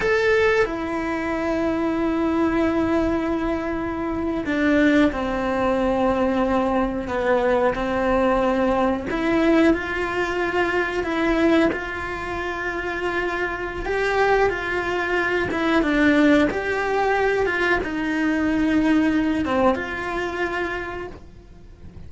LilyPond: \new Staff \with { instrumentName = "cello" } { \time 4/4 \tempo 4 = 91 a'4 e'2.~ | e'2~ e'8. d'4 c'16~ | c'2~ c'8. b4 c'16~ | c'4.~ c'16 e'4 f'4~ f'16~ |
f'8. e'4 f'2~ f'16~ | f'4 g'4 f'4. e'8 | d'4 g'4. f'8 dis'4~ | dis'4. c'8 f'2 | }